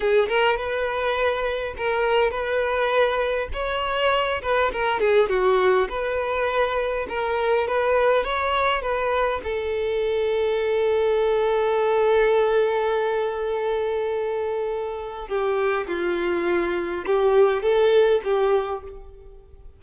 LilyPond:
\new Staff \with { instrumentName = "violin" } { \time 4/4 \tempo 4 = 102 gis'8 ais'8 b'2 ais'4 | b'2 cis''4. b'8 | ais'8 gis'8 fis'4 b'2 | ais'4 b'4 cis''4 b'4 |
a'1~ | a'1~ | a'2 g'4 f'4~ | f'4 g'4 a'4 g'4 | }